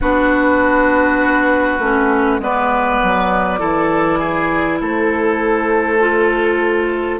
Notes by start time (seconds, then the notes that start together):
0.00 B3 D4 F#4 B4
1.78 A3 C#4
2.39 G#3 B3 B4 D5
3.02 F#3
3.58 E3 E4 A4
4.19 G#4
4.79 A3 A4 C5
6.00 F4